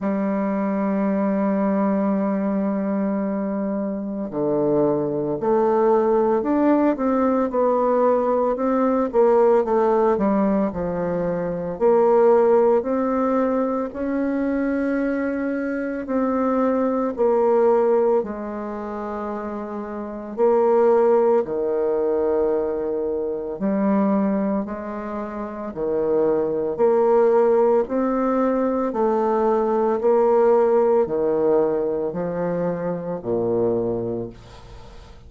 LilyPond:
\new Staff \with { instrumentName = "bassoon" } { \time 4/4 \tempo 4 = 56 g1 | d4 a4 d'8 c'8 b4 | c'8 ais8 a8 g8 f4 ais4 | c'4 cis'2 c'4 |
ais4 gis2 ais4 | dis2 g4 gis4 | dis4 ais4 c'4 a4 | ais4 dis4 f4 ais,4 | }